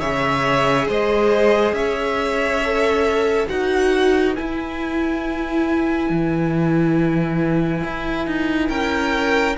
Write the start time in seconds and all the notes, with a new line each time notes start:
0.00 C#3 G#4 C#5 E5
0.88 G#3 C5 D#5
1.72 C#4 C#5 E5
2.64 A4
3.48 D#4 F#4 B4 F#5
4.35 E4 G#5
6.10 E3
7.84 E4
8.27 D#4
8.69 C#4 A#4 G5